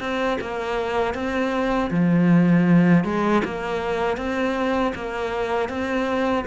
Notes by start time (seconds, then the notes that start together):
0.00 C4
0.41 A#3
1.14 C4
1.91 F3
3.04 G#3
3.45 A#3
4.17 C4
4.95 A#3
5.69 C4